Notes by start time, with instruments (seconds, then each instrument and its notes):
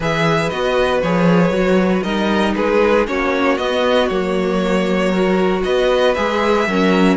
0.00 cello E3, viola G#4, violin B4 E5
0.49 cello B3, viola F#4, violin D#5
1.02 cello F3, viola G#4, violin C#5
1.50 cello F#3, viola F#4
2.02 cello G3, viola D#4, violin A#4 D#5
2.55 cello G#3, violin G#4 B4
3.06 cello A#3, viola C#4, violin F#4 C#5
3.57 cello B3, viola B3, violin D#5
4.07 cello F#3, viola A#3, violin C#5
5.10 viola F#4, violin A#4
5.63 cello B3, violin B4 D#5
6.14 cello G#3, viola G#4, violin E5
6.67 cello F#3, viola C#4, violin A#4